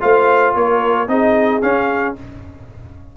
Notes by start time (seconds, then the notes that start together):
0.00 A3 F4 C5 F5
0.55 A#3 A#4 C#5
1.08 C4 D#4 G#4 D#5
1.62 C#4 F5